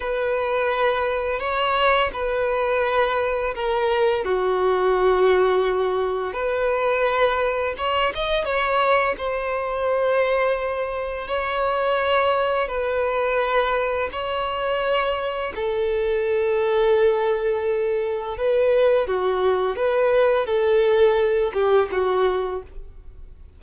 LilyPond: \new Staff \with { instrumentName = "violin" } { \time 4/4 \tempo 4 = 85 b'2 cis''4 b'4~ | b'4 ais'4 fis'2~ | fis'4 b'2 cis''8 dis''8 | cis''4 c''2. |
cis''2 b'2 | cis''2 a'2~ | a'2 b'4 fis'4 | b'4 a'4. g'8 fis'4 | }